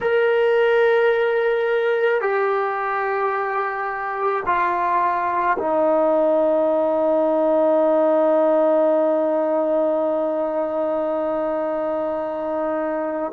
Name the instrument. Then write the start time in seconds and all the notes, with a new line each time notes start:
trombone
0.00 A#4
2.21 G4
4.45 F4
5.58 D#4